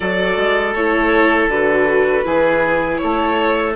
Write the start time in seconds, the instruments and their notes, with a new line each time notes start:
0.00 bassoon F#3, viola F#4, oboe A4, violin D5
0.36 bassoon G#3
0.73 bassoon A3, viola E4, violin C#5
1.48 bassoon D3, viola F#4, violin B4
2.24 bassoon E3, viola E4, oboe G#4
2.97 oboe A4, violin C#5
3.03 bassoon A3